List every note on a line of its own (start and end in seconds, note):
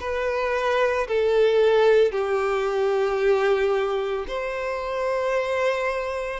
0.00 1.07 B4
1.08 2.11 A4
2.11 4.26 G4
4.28 6.40 C5